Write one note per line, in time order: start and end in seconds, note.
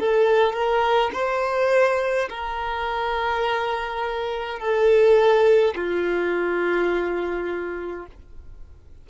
0.00 0.52 A4
0.52 1.10 A#4
1.13 2.29 C5
2.29 4.59 A#4
4.59 5.75 A4
5.75 8.06 F4